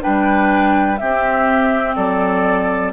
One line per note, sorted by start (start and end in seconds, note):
0.00 1.01 G3
0.00 0.97 D4
0.00 0.99 B4
0.00 0.97 G5
0.97 1.96 C4
0.97 2.93 C4
0.97 1.95 G4
0.97 1.94 E5
1.95 2.93 F#3
1.95 2.92 A4
1.95 2.92 D5